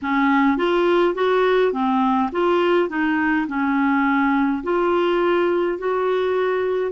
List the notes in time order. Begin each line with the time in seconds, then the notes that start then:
0.02 C#4
0.57 F4
1.14 F#4
1.72 C4
2.32 F4
2.88 D#4
3.47 C#4
4.63 F4
5.78 F#4